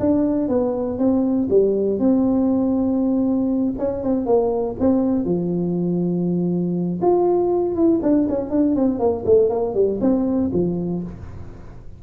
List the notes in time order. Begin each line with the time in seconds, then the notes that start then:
0.00 D4
0.49 B3
0.99 C4
1.50 G3
1.99 C4
3.78 C#4
4.03 C4
4.26 A#3
4.80 C4
5.25 F3
7.02 F4
7.75 E4
8.03 D4
8.29 C#4
8.51 D4
8.76 C4
8.99 A#3
9.26 A3
9.50 A#3
9.75 G3
10.01 C4
10.53 F3